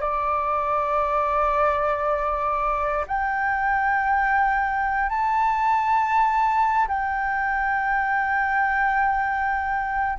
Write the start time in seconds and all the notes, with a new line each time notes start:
0.00 D5
3.07 G5
5.09 A5
6.87 G5